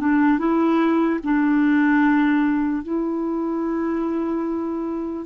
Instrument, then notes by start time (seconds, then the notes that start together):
clarinet
0.00 D4
0.39 E4
1.23 D4
2.83 E4